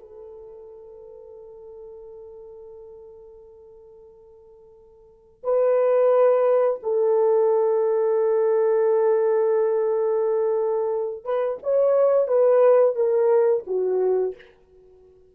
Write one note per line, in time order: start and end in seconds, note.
0.00 5.44 A4
5.44 6.81 B4
6.83 11.25 A4
11.25 11.59 B4
11.63 12.28 C#5
12.28 12.96 B4
12.96 13.64 A#4
13.67 14.36 F#4